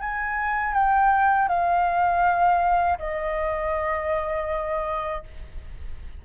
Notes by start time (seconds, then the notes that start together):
0.00 G#5
0.74 G5
1.49 F5
2.99 D#5